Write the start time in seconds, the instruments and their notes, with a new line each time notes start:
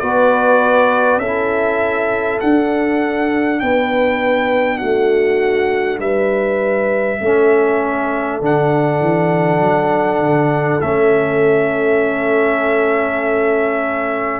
0.00 tuba B3, trombone F#4, horn B4, trumpet D5
1.17 tuba C#4, trombone E4, horn A4, trumpet E5
2.41 trombone D4, tuba D4, trumpet F#5
3.60 tuba B3, horn B4, trumpet G5
4.79 tuba A3, horn F#4, trumpet F#5
5.99 tuba G3, horn B4, trumpet E5
7.21 tuba A3, trombone C#4, horn A4
8.41 tuba D3, trombone D4, trumpet F#5
9.01 tuba E3
9.60 tuba F#3
10.19 tuba D3
10.81 tuba A3, trombone C#4, trumpet E5